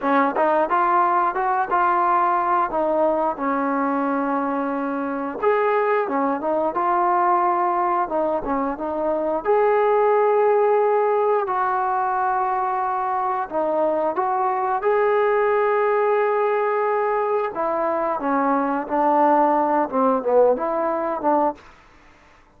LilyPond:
\new Staff \with { instrumentName = "trombone" } { \time 4/4 \tempo 4 = 89 cis'8 dis'8 f'4 fis'8 f'4. | dis'4 cis'2. | gis'4 cis'8 dis'8 f'2 | dis'8 cis'8 dis'4 gis'2~ |
gis'4 fis'2. | dis'4 fis'4 gis'2~ | gis'2 e'4 cis'4 | d'4. c'8 b8 e'4 d'8 | }